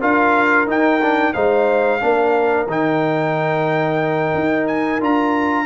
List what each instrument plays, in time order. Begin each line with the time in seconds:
0.00 tuba D4, trombone F4, horn A#4, trumpet F5
0.67 tuba D#4, trombone D#4, trumpet G5
1.02 trombone D4
1.33 tuba G#3, trombone D#4, horn C5, trumpet F5
2.00 tuba A#3, trombone D4, horn A#4
2.67 tuba D#3, trombone D#4, trumpet G5
4.34 tuba D#4
4.67 trumpet G#5
5.00 tuba D4, trombone F4, trumpet A#5